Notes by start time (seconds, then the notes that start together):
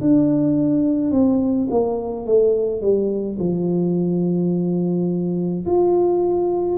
0.00 D4
1.11 C4
1.70 A#3
2.25 A3
2.80 G3
3.39 F3
5.66 F4